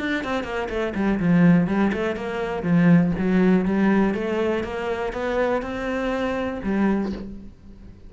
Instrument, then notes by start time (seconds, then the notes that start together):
cello
0.00 D4
0.24 C4
0.44 A#3
0.70 A3
0.95 G3
1.20 F3
1.68 G3
1.93 A3
2.16 A#3
2.63 F3
3.19 F#3
3.65 G3
4.15 A3
4.64 A#3
5.13 B3
5.62 C4
6.64 G3